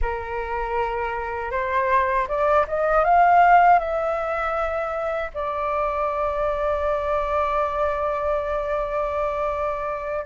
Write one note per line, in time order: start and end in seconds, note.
0.01 1.51 A#4
1.51 2.27 C5
2.28 2.65 D5
2.67 3.04 D#5
3.04 3.79 F5
3.79 5.31 E5
5.34 10.25 D5